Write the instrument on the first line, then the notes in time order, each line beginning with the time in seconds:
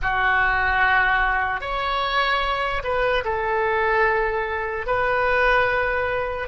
oboe
0.01 F#4
1.60 C#5
2.83 B4
3.24 A4
4.86 B4